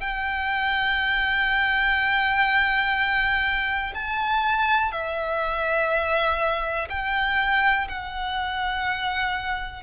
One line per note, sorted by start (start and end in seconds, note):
0.00 3.93 G5
3.94 4.91 A5
4.91 6.88 E5
6.89 7.87 G5
7.88 9.83 F#5